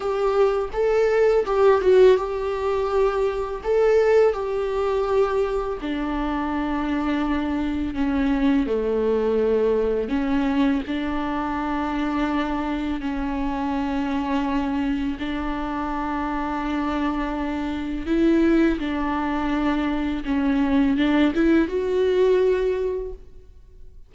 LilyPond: \new Staff \with { instrumentName = "viola" } { \time 4/4 \tempo 4 = 83 g'4 a'4 g'8 fis'8 g'4~ | g'4 a'4 g'2 | d'2. cis'4 | a2 cis'4 d'4~ |
d'2 cis'2~ | cis'4 d'2.~ | d'4 e'4 d'2 | cis'4 d'8 e'8 fis'2 | }